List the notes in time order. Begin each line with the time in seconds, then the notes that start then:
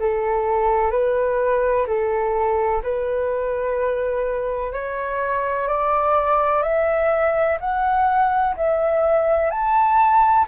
0.00 A4
0.91 B4
1.87 A4
2.83 B4
4.73 C#5
5.68 D5
6.63 E5
7.60 F#5
8.56 E5
9.51 A5